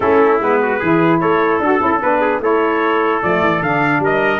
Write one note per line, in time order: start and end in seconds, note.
0.00 0.40 A3
0.00 0.40 C#4
0.00 0.61 E4
0.00 0.39 A4
0.40 0.80 G#3
0.40 0.81 B3
0.40 1.20 B4
0.62 0.79 F#4
0.79 1.21 E3
0.79 1.62 E4
0.79 1.19 G#4
1.20 1.59 A3
1.20 2.20 A4
1.20 1.60 C#5
1.59 1.79 D4
1.59 1.79 F#4
1.59 2.01 A4
1.79 2.01 C#4
1.79 1.99 E4
2.01 2.40 B3
2.01 2.41 D4
2.01 2.42 B4
2.20 2.40 G#4
2.40 3.20 A3
2.40 3.21 E4
2.40 4.03 A4
2.40 3.22 C#5
3.22 3.41 F3
3.22 3.63 A3
3.22 3.62 D5
3.41 3.61 E3
3.61 3.99 D3
3.61 4.40 D4
3.61 4.03 F5
3.99 4.39 G3
3.99 4.40 A#4
4.05 4.40 D#5